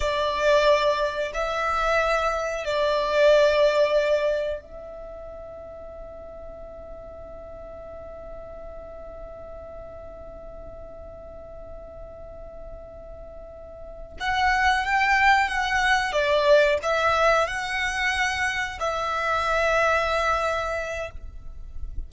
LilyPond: \new Staff \with { instrumentName = "violin" } { \time 4/4 \tempo 4 = 91 d''2 e''2 | d''2. e''4~ | e''1~ | e''1~ |
e''1~ | e''4. fis''4 g''4 fis''8~ | fis''8 d''4 e''4 fis''4.~ | fis''8 e''2.~ e''8 | }